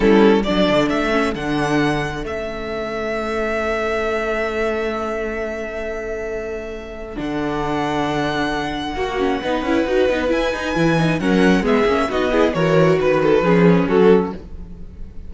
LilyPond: <<
  \new Staff \with { instrumentName = "violin" } { \time 4/4 \tempo 4 = 134 a'4 d''4 e''4 fis''4~ | fis''4 e''2.~ | e''1~ | e''1 |
fis''1~ | fis''2. gis''4~ | gis''4 fis''4 e''4 dis''4 | cis''4 b'2 a'4 | }
  \new Staff \with { instrumentName = "violin" } { \time 4/4 e'4 a'2.~ | a'1~ | a'1~ | a'1~ |
a'1 | fis'4 b'2.~ | b'4 ais'4 gis'4 fis'8 gis'8 | ais'4 b'8 a'8 gis'4 fis'4 | }
  \new Staff \with { instrumentName = "viola" } { \time 4/4 cis'4 d'4. cis'8 d'4~ | d'4 cis'2.~ | cis'1~ | cis'1 |
d'1 | fis'8 cis'8 dis'8 e'8 fis'8 dis'8 e'8 dis'8 | e'8 dis'8 cis'4 b8 cis'8 dis'8 e'8 | fis'2 cis'2 | }
  \new Staff \with { instrumentName = "cello" } { \time 4/4 g4 fis8 d8 a4 d4~ | d4 a2.~ | a1~ | a1 |
d1 | ais4 b8 cis'8 dis'8 b8 e'8 dis'8 | e4 fis4 gis8 ais8 b4 | e4 dis4 f4 fis4 | }
>>